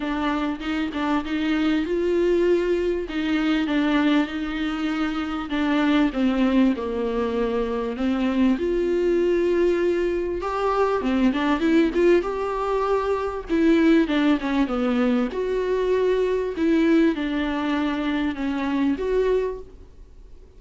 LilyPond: \new Staff \with { instrumentName = "viola" } { \time 4/4 \tempo 4 = 98 d'4 dis'8 d'8 dis'4 f'4~ | f'4 dis'4 d'4 dis'4~ | dis'4 d'4 c'4 ais4~ | ais4 c'4 f'2~ |
f'4 g'4 c'8 d'8 e'8 f'8 | g'2 e'4 d'8 cis'8 | b4 fis'2 e'4 | d'2 cis'4 fis'4 | }